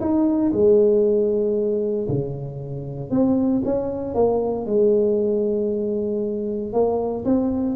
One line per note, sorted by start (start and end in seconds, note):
0.00 0.52 D#4
0.52 2.07 G#3
2.08 3.10 C#3
3.10 3.62 C4
3.64 4.14 C#4
4.14 4.66 A#3
4.66 6.72 G#3
6.72 7.24 A#3
7.24 7.75 C4